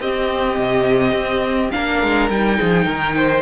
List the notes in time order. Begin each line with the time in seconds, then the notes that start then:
0.00 C4 G4 D#5
0.59 C3
1.12 C4
1.71 A#3 D4 A#4 F5
2.03 G#3
2.30 G3 D#4 G5
2.59 F3 G#4
2.86 D#3 A#4
3.16 C5